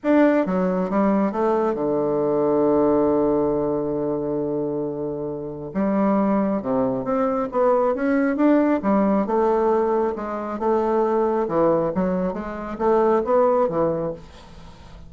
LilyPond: \new Staff \with { instrumentName = "bassoon" } { \time 4/4 \tempo 4 = 136 d'4 fis4 g4 a4 | d1~ | d1~ | d4 g2 c4 |
c'4 b4 cis'4 d'4 | g4 a2 gis4 | a2 e4 fis4 | gis4 a4 b4 e4 | }